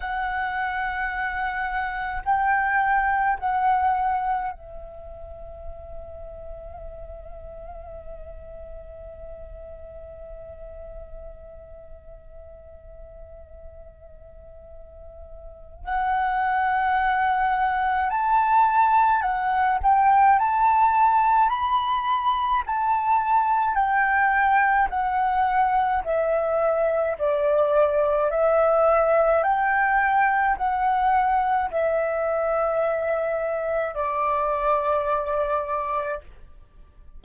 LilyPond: \new Staff \with { instrumentName = "flute" } { \time 4/4 \tempo 4 = 53 fis''2 g''4 fis''4 | e''1~ | e''1~ | e''2 fis''2 |
a''4 fis''8 g''8 a''4 b''4 | a''4 g''4 fis''4 e''4 | d''4 e''4 g''4 fis''4 | e''2 d''2 | }